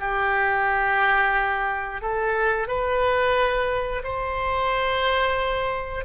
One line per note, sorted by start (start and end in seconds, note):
0.00 2.02 G4
2.02 2.68 A4
2.68 4.03 B4
4.04 6.05 C5